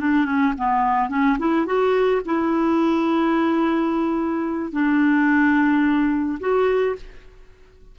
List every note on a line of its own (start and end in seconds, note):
0.00 0.25 D4
0.25 0.53 C#4
0.57 1.09 B3
1.09 1.37 C#4
1.39 1.66 E4
1.66 2.22 F#4
2.25 4.72 E4
4.72 6.39 D4
6.40 6.95 F#4